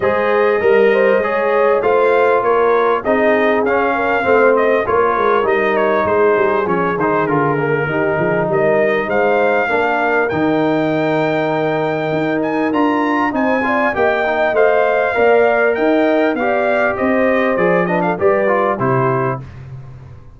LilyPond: <<
  \new Staff \with { instrumentName = "trumpet" } { \time 4/4 \tempo 4 = 99 dis''2. f''4 | cis''4 dis''4 f''4. dis''8 | cis''4 dis''8 cis''8 c''4 cis''8 c''8 | ais'2 dis''4 f''4~ |
f''4 g''2.~ | g''8 gis''8 ais''4 gis''4 g''4 | f''2 g''4 f''4 | dis''4 d''8 dis''16 f''16 d''4 c''4 | }
  \new Staff \with { instrumentName = "horn" } { \time 4/4 c''4 ais'8 c''8 cis''4 c''4 | ais'4 gis'4. ais'8 c''4 | ais'2 gis'2~ | gis'4 g'8 gis'8 ais'4 c''4 |
ais'1~ | ais'2 c''8 d''8 dis''4~ | dis''4 d''4 dis''4 d''4 | c''4. b'16 a'16 b'4 g'4 | }
  \new Staff \with { instrumentName = "trombone" } { \time 4/4 gis'4 ais'4 gis'4 f'4~ | f'4 dis'4 cis'4 c'4 | f'4 dis'2 cis'8 dis'8 | f'8 ais8 dis'2. |
d'4 dis'2.~ | dis'4 f'4 dis'8 f'8 g'8 dis'8 | c''4 ais'2 g'4~ | g'4 gis'8 d'8 g'8 f'8 e'4 | }
  \new Staff \with { instrumentName = "tuba" } { \time 4/4 gis4 g4 gis4 a4 | ais4 c'4 cis'4 a4 | ais8 gis8 g4 gis8 g8 f8 dis8 | d4 dis8 f8 g4 gis4 |
ais4 dis2. | dis'4 d'4 c'4 ais4 | a4 ais4 dis'4 b4 | c'4 f4 g4 c4 | }
>>